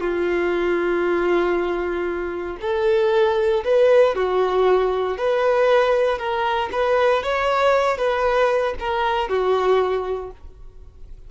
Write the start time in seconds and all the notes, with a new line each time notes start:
0.00 F4
2.61 A4
3.64 B4
4.15 F#4
5.17 B4
6.18 A#4
6.72 B4
7.23 C#5
7.97 B4
8.79 A#4
9.28 F#4